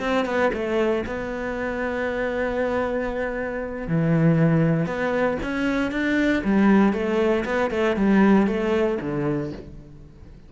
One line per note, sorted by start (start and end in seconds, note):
0.00 0.25 C4
0.25 0.51 B3
0.53 1.05 A3
1.06 3.88 B3
3.88 4.86 E3
4.86 5.38 B3
5.43 5.91 C#4
5.91 6.43 D4
6.44 6.93 G3
6.93 7.44 A3
7.45 7.71 B3
7.71 7.97 A3
7.97 8.47 G3
8.47 8.98 A3
9.01 9.52 D3